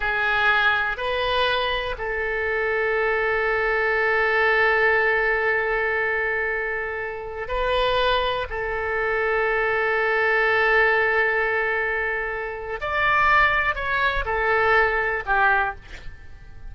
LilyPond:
\new Staff \with { instrumentName = "oboe" } { \time 4/4 \tempo 4 = 122 gis'2 b'2 | a'1~ | a'1~ | a'2.~ a'16 b'8.~ |
b'4~ b'16 a'2~ a'8.~ | a'1~ | a'2 d''2 | cis''4 a'2 g'4 | }